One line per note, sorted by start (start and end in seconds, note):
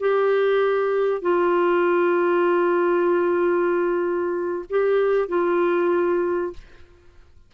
0.00 1.22 G4
1.22 4.65 F4
4.70 5.28 G4
5.28 6.53 F4